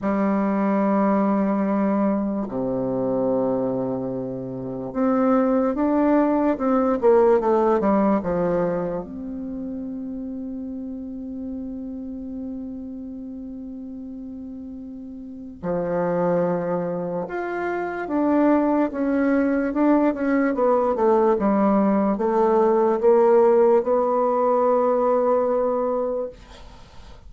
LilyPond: \new Staff \with { instrumentName = "bassoon" } { \time 4/4 \tempo 4 = 73 g2. c4~ | c2 c'4 d'4 | c'8 ais8 a8 g8 f4 c'4~ | c'1~ |
c'2. f4~ | f4 f'4 d'4 cis'4 | d'8 cis'8 b8 a8 g4 a4 | ais4 b2. | }